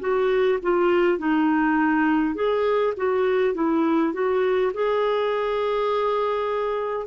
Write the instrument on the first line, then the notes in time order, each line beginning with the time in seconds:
clarinet
0.00 F#4
0.63 F4
1.19 D#4
2.35 G#4
2.97 F#4
3.55 E4
4.13 F#4
4.74 G#4